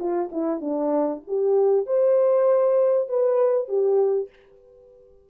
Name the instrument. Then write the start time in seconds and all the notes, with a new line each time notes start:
horn
0.00 F4
0.32 E4
0.61 D4
1.28 G4
1.87 C5
3.09 B4
3.69 G4